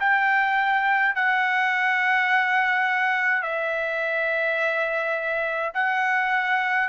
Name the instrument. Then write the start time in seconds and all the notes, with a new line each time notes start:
trumpet
0.00 G5
1.15 F#5
3.42 E5
5.74 F#5